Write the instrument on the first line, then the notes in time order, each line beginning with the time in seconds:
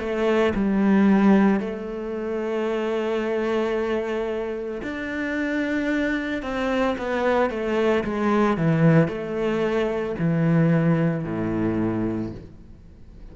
cello
0.00 A3
0.55 G3
1.60 A3
4.83 D4
6.43 C4
6.98 B3
7.50 A3
8.04 G#3
8.57 E3
9.08 A3
10.19 E3
11.25 A2